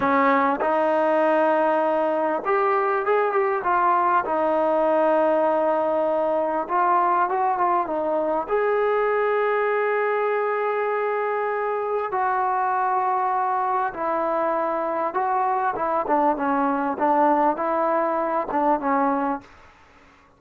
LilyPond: \new Staff \with { instrumentName = "trombone" } { \time 4/4 \tempo 4 = 99 cis'4 dis'2. | g'4 gis'8 g'8 f'4 dis'4~ | dis'2. f'4 | fis'8 f'8 dis'4 gis'2~ |
gis'1 | fis'2. e'4~ | e'4 fis'4 e'8 d'8 cis'4 | d'4 e'4. d'8 cis'4 | }